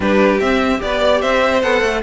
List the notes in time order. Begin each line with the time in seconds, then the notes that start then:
0.00 G3 D4 G4 B4
0.40 C4 E5
0.78 B3 G4 D5
0.85 B4
1.01 D5
1.20 C4 C5 E5
1.61 B3 A4 F#5
1.81 A3